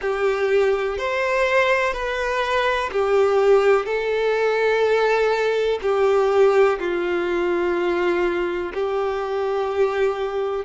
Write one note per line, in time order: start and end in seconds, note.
0.01 0.98 G4
0.98 1.93 C5
1.93 2.90 B4
2.92 3.85 G4
3.85 5.78 A4
5.82 6.78 G4
6.79 8.72 F4
8.73 10.65 G4